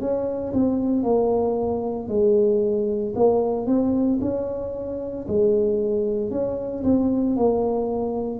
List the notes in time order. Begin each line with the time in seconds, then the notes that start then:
0.00 C#4
0.53 C4
1.03 A#3
2.08 G#3
3.15 A#3
3.66 C4
4.21 C#4
5.28 G#3
6.31 C#4
6.83 C4
7.36 A#3